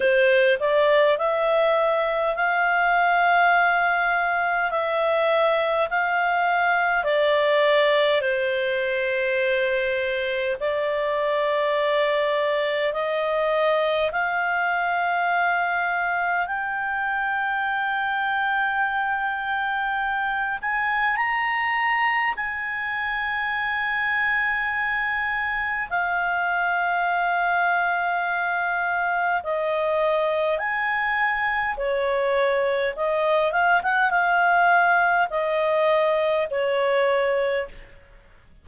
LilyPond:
\new Staff \with { instrumentName = "clarinet" } { \time 4/4 \tempo 4 = 51 c''8 d''8 e''4 f''2 | e''4 f''4 d''4 c''4~ | c''4 d''2 dis''4 | f''2 g''2~ |
g''4. gis''8 ais''4 gis''4~ | gis''2 f''2~ | f''4 dis''4 gis''4 cis''4 | dis''8 f''16 fis''16 f''4 dis''4 cis''4 | }